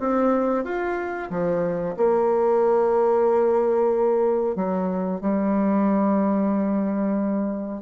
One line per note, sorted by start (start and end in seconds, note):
0.00 0.65 C4
0.65 1.30 F4
1.30 1.96 F3
1.97 4.56 A#3
4.56 5.21 F#3
5.21 7.82 G3